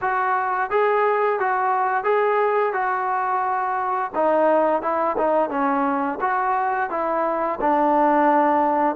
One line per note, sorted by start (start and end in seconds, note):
0.01 0.70 F#4
0.70 1.39 G#4
1.39 2.04 F#4
2.04 2.73 G#4
2.73 4.11 F#4
4.14 4.82 D#4
4.82 5.16 E4
5.17 5.49 D#4
5.49 6.18 C#4
6.21 6.90 F#4
6.90 7.59 E4
7.60 8.95 D4